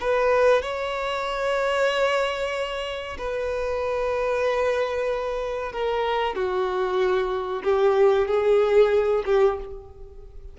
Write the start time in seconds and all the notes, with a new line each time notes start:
0.00 B4
0.62 C#5
3.18 B4
5.72 A#4
6.35 F#4
7.63 G4
8.27 G#4
9.25 G4